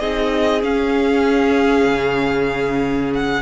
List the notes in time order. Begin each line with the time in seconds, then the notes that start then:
0.00 C4 D#4 G#4 D#5
0.62 C#4 F5
1.85 C#3
3.15 F#5